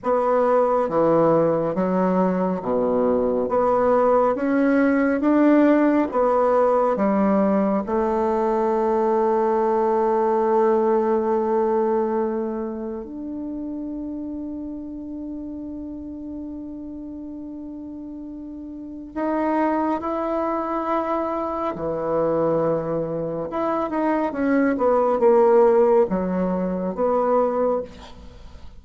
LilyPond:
\new Staff \with { instrumentName = "bassoon" } { \time 4/4 \tempo 4 = 69 b4 e4 fis4 b,4 | b4 cis'4 d'4 b4 | g4 a2.~ | a2. d'4~ |
d'1~ | d'2 dis'4 e'4~ | e'4 e2 e'8 dis'8 | cis'8 b8 ais4 fis4 b4 | }